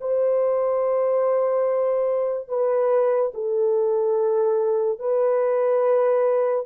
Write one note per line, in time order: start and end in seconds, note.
0.00 2.48 C5
2.48 3.31 B4
3.34 4.99 A4
4.99 6.66 B4